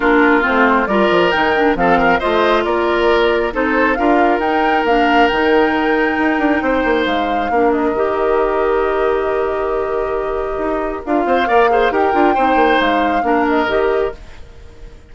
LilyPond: <<
  \new Staff \with { instrumentName = "flute" } { \time 4/4 \tempo 4 = 136 ais'4 c''4 d''4 g''4 | f''4 dis''4 d''2 | c''4 f''4 g''4 f''4 | g''1 |
f''4. dis''2~ dis''8~ | dis''1~ | dis''4 f''2 g''4~ | g''4 f''4. dis''4. | }
  \new Staff \with { instrumentName = "oboe" } { \time 4/4 f'2 ais'2 | a'8 ais'8 c''4 ais'2 | a'4 ais'2.~ | ais'2. c''4~ |
c''4 ais'2.~ | ais'1~ | ais'4. c''8 d''8 c''8 ais'4 | c''2 ais'2 | }
  \new Staff \with { instrumentName = "clarinet" } { \time 4/4 d'4 c'4 f'4 dis'8 d'8 | c'4 f'2. | dis'4 f'4 dis'4 d'4 | dis'1~ |
dis'4 d'4 g'2~ | g'1~ | g'4 f'4 ais'8 gis'8 g'8 f'8 | dis'2 d'4 g'4 | }
  \new Staff \with { instrumentName = "bassoon" } { \time 4/4 ais4 a4 g8 f8 dis4 | f4 a4 ais2 | c'4 d'4 dis'4 ais4 | dis2 dis'8 d'8 c'8 ais8 |
gis4 ais4 dis2~ | dis1 | dis'4 d'8 c'8 ais4 dis'8 d'8 | c'8 ais8 gis4 ais4 dis4 | }
>>